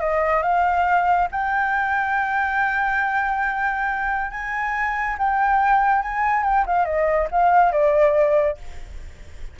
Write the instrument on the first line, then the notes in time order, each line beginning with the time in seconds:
flute
0.00 D#5
0.42 F5
1.31 G5
4.31 G#5
5.18 G5
6.02 G#5
6.43 G5
6.66 F5
6.85 D#5
7.31 F5
7.71 D5